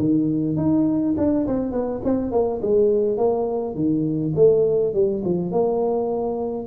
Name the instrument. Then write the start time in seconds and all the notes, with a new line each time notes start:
tuba
0.00 D#3
0.57 D#4
1.18 D4
1.47 C4
1.72 B3
2.05 C4
2.32 A#3
2.62 G#3
3.18 A#3
3.75 D#3
4.36 A3
4.94 G3
5.25 F3
5.52 A#3